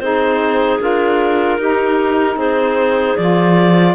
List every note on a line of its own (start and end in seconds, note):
0.00 0.80 C4
0.00 0.80 D#4
0.00 1.60 G#4
0.00 0.79 C5
0.80 1.58 D4
0.80 1.59 F4
0.80 2.39 A#4
1.58 2.37 D#4
1.58 3.19 D#4
1.58 2.37 G4
2.37 3.16 C4
2.37 3.95 G#4
2.37 3.17 C5
3.17 3.95 F3
3.17 3.95 F4
3.17 3.95 D5